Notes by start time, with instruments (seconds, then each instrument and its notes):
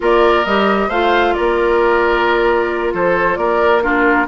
0.00 bassoon A#3, clarinet F4, oboe A#4, flute D5
0.45 bassoon G3, clarinet G4, flute D#5
0.88 bassoon A3, clarinet F4, oboe C5, flute F5
1.33 bassoon A#3, oboe A#4, flute D5
2.93 bassoon F3, oboe A4, flute C5
3.35 bassoon A#3, oboe A#4, flute D5
3.82 clarinet D4, oboe F4, flute A#4